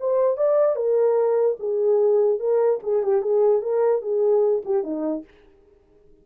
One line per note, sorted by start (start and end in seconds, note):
0.00 0.37 C5
0.37 0.76 D5
0.76 1.57 A#4
1.60 2.40 G#4
2.40 2.80 A#4
2.83 3.03 G#4
3.03 3.22 G4
3.22 3.62 G#4
3.62 4.02 A#4
4.02 4.63 G#4
4.65 4.84 G4
4.84 5.24 D#4